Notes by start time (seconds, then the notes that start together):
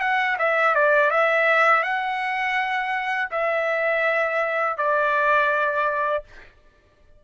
0.00 F#5
0.38 E5
0.75 D5
1.10 E5
1.83 F#5
3.31 E5
4.77 D5